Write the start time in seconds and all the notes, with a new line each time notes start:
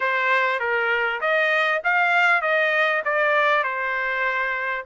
0.00 C5
0.59 A#4
1.20 D#5
1.83 F5
2.41 D#5
3.05 D5
3.63 C5